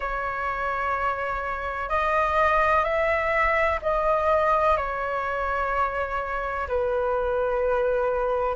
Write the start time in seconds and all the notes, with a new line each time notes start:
0.00 C#5
1.89 D#5
2.84 E5
3.82 D#5
4.77 C#5
6.68 B4